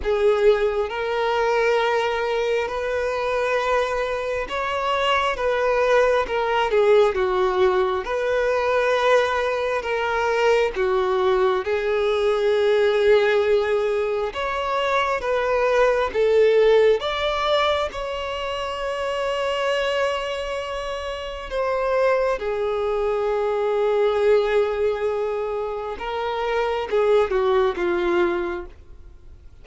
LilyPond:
\new Staff \with { instrumentName = "violin" } { \time 4/4 \tempo 4 = 67 gis'4 ais'2 b'4~ | b'4 cis''4 b'4 ais'8 gis'8 | fis'4 b'2 ais'4 | fis'4 gis'2. |
cis''4 b'4 a'4 d''4 | cis''1 | c''4 gis'2.~ | gis'4 ais'4 gis'8 fis'8 f'4 | }